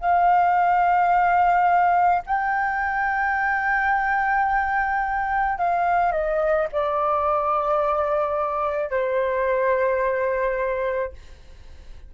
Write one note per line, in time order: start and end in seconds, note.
0.00 2.22 F5
2.26 5.58 G5
5.58 6.12 F5
6.12 6.67 D#5
6.72 8.90 D5
8.90 11.12 C5